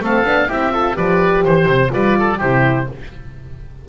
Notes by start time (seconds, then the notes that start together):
0.00 A3 C4 A4 F5
0.24 B3 D4
0.48 C4 E4 G4 E5
0.71 F4 A4
0.94 F3 G4 B4 D5
1.44 E3 C5
1.66 C3
1.89 G3 F4 B4 D5
2.19 A4
2.38 C3 E4 G4 C5